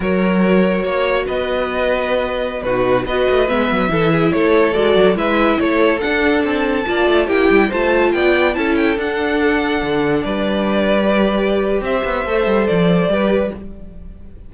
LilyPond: <<
  \new Staff \with { instrumentName = "violin" } { \time 4/4 \tempo 4 = 142 cis''2. dis''4~ | dis''2~ dis''16 b'4 dis''8.~ | dis''16 e''2 cis''4 d''8.~ | d''16 e''4 cis''4 fis''4 a''8.~ |
a''4~ a''16 g''4 a''4 g''8.~ | g''16 a''8 g''8 fis''2~ fis''8.~ | fis''16 d''2.~ d''8. | e''2 d''2 | }
  \new Staff \with { instrumentName = "violin" } { \time 4/4 ais'2 cis''4 b'4~ | b'2~ b'16 fis'4 b'8.~ | b'4~ b'16 a'8 gis'8 a'4.~ a'16~ | a'16 b'4 a'2~ a'8.~ |
a'16 d''4 g'4 c''4 d''8.~ | d''16 a'2.~ a'8.~ | a'16 b'2.~ b'8. | c''2. b'4 | }
  \new Staff \with { instrumentName = "viola" } { \time 4/4 fis'1~ | fis'2~ fis'16 dis'4 fis'8.~ | fis'16 b4 e'2 fis'8.~ | fis'16 e'2 d'4.~ d'16~ |
d'16 f'4 e'4 f'4.~ f'16~ | f'16 e'4 d'2~ d'8.~ | d'2 g'2~ | g'4 a'2 g'4 | }
  \new Staff \with { instrumentName = "cello" } { \time 4/4 fis2 ais4 b4~ | b2~ b16 b,4 b8 a16~ | a16 gis8 fis8 e4 a4 gis8 fis16~ | fis16 gis4 a4 d'4 c'8.~ |
c'16 ais8 a8 ais8 g8 a4 b8.~ | b16 cis'4 d'2 d8.~ | d16 g2.~ g8. | c'8 b8 a8 g8 f4 g4 | }
>>